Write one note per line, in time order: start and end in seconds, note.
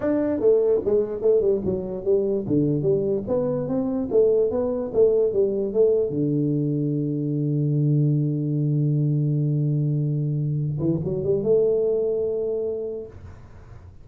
0.00 0.40 D4
0.40 0.81 A3
0.85 1.21 G#3
1.21 1.40 A3
1.40 1.61 G3
1.64 2.04 F#3
2.04 2.45 G3
2.47 2.82 D3
2.82 3.23 G3
3.27 3.68 B3
3.68 4.08 C4
4.11 4.50 A3
4.50 4.91 B3
4.93 5.32 A3
5.32 5.73 G3
5.73 6.09 A3
6.09 10.78 D3
10.79 10.99 E3
11.04 11.24 F#3
11.24 11.43 G3
11.43 13.06 A3